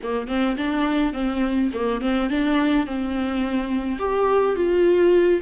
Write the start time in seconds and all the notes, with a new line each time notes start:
0.03 A#3
0.27 C4
0.57 D4
1.13 C4
1.73 A#3
2.01 C4
2.29 D4
2.86 C4
3.98 G4
4.55 F4